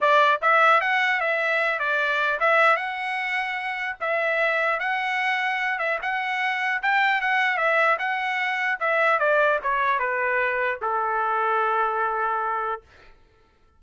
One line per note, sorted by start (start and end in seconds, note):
0.00 0.40 D5
0.41 0.80 E5
0.80 1.20 F#5
1.20 1.79 E5
1.79 2.39 D5
2.40 2.76 E5
2.76 3.96 F#5
4.00 4.79 E5
4.79 5.79 F#5
5.79 5.99 E5
6.02 6.82 F#5
6.82 7.21 G5
7.21 7.57 F#5
7.57 7.97 E5
7.99 8.79 F#5
8.79 9.19 E5
9.19 9.59 D5
9.62 9.99 C#5
9.99 10.79 B4
10.81 12.81 A4